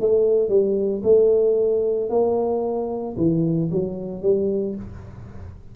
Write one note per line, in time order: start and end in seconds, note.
0.00 0.49 A3
0.49 1.02 G3
1.04 2.10 A3
2.10 3.16 A#3
3.17 3.70 E3
3.71 4.22 F#3
4.22 4.75 G3